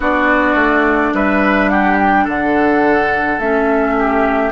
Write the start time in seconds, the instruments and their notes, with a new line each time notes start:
0.00 bassoon B3, clarinet D4, oboe F#4, flute D5
0.54 bassoon A3
1.13 bassoon G3, oboe B4, flute E5
1.69 oboe G4, flute F#5
1.98 flute G5
2.24 bassoon D3, oboe A4, flute F#5
3.38 bassoon A3, clarinet C#4, flute E5
3.98 oboe G4